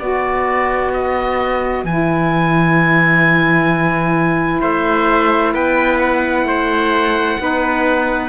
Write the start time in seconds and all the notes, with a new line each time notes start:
0.00 B3 F#4 B4 D5
0.94 D#5
1.84 E3 E4 G#5
4.61 A3 C5 E5
5.54 B3 B4 G5
5.99 F#5
6.45 A3 C5
7.38 B3 D#4 B4